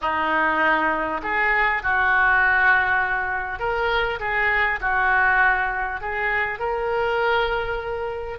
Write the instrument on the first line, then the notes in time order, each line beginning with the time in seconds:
oboe
0.01 D#4
1.22 G#4
1.82 F#4
3.59 A#4
4.19 G#4
4.80 F#4
6.00 G#4
6.59 A#4